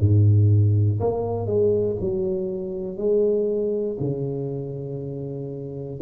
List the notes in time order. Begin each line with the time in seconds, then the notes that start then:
0.00 G#2
1.00 A#3
1.46 G#3
2.00 F#3
2.97 G#3
4.00 C#3